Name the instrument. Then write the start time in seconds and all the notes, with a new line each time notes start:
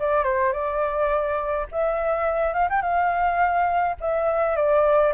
flute
0.00 D5
0.24 C5
0.52 D5
1.72 E5
2.54 F5
2.70 G5
2.82 F5
4.01 E5
4.56 D5